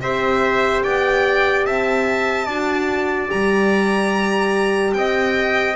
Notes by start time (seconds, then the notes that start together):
0.00 C4 G4 C5 E5
0.83 B3 D5 G5
1.66 C4 E5 A5
2.45 D4 F#4 D5
3.28 G3 G4 A#5
4.93 C4 D#5 G5